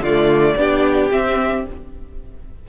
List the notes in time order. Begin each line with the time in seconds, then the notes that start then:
0.00 D3 F4 D5
0.07 A3
0.57 B3 D4 G4
1.11 C4 E5